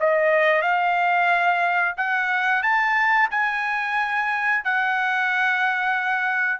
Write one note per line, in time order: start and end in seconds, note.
0.00 0.62 D#5
0.62 1.95 F5
1.97 2.62 F#5
2.62 3.29 A5
3.31 4.64 G#5
4.64 6.60 F#5